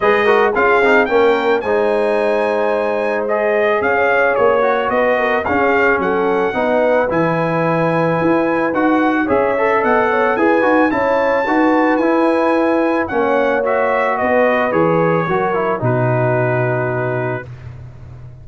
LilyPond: <<
  \new Staff \with { instrumentName = "trumpet" } { \time 4/4 \tempo 4 = 110 dis''4 f''4 g''4 gis''4~ | gis''2 dis''4 f''4 | cis''4 dis''4 f''4 fis''4~ | fis''4 gis''2. |
fis''4 e''4 fis''4 gis''4 | a''2 gis''2 | fis''4 e''4 dis''4 cis''4~ | cis''4 b'2. | }
  \new Staff \with { instrumentName = "horn" } { \time 4/4 b'8 ais'8 gis'4 ais'4 c''4~ | c''2. cis''4~ | cis''4 b'8 ais'8 gis'4 a'4 | b'1~ |
b'4 cis''4 dis''8 cis''8 b'4 | cis''4 b'2. | cis''2 b'2 | ais'4 fis'2. | }
  \new Staff \with { instrumentName = "trombone" } { \time 4/4 gis'8 fis'8 f'8 dis'8 cis'4 dis'4~ | dis'2 gis'2~ | gis'8 fis'4. cis'2 | dis'4 e'2. |
fis'4 gis'8 a'4. gis'8 fis'8 | e'4 fis'4 e'2 | cis'4 fis'2 gis'4 | fis'8 e'8 dis'2. | }
  \new Staff \with { instrumentName = "tuba" } { \time 4/4 gis4 cis'8 c'8 ais4 gis4~ | gis2. cis'4 | ais4 b4 cis'4 fis4 | b4 e2 e'4 |
dis'4 cis'4 b4 e'8 dis'8 | cis'4 dis'4 e'2 | ais2 b4 e4 | fis4 b,2. | }
>>